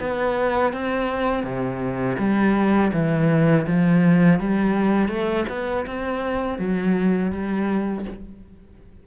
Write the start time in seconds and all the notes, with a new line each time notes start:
0.00 B3
0.73 C4
1.44 C3
2.19 G3
2.93 E3
3.67 F3
4.40 G3
5.08 A3
5.49 B3
5.86 C4
6.59 F#3
7.31 G3